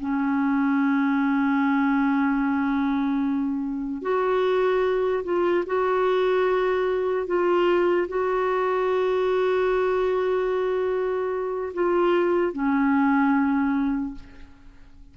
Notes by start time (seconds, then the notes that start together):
0.00 C#4
4.02 F#4
5.24 F4
5.66 F#4
7.26 F4
8.08 F#4
11.74 F4
12.52 C#4